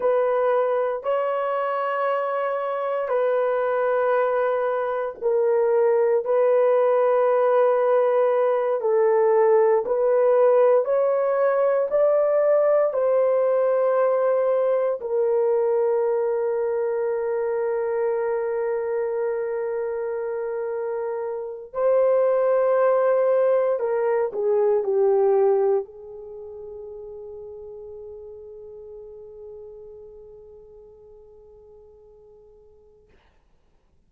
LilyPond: \new Staff \with { instrumentName = "horn" } { \time 4/4 \tempo 4 = 58 b'4 cis''2 b'4~ | b'4 ais'4 b'2~ | b'8 a'4 b'4 cis''4 d''8~ | d''8 c''2 ais'4.~ |
ais'1~ | ais'4 c''2 ais'8 gis'8 | g'4 gis'2.~ | gis'1 | }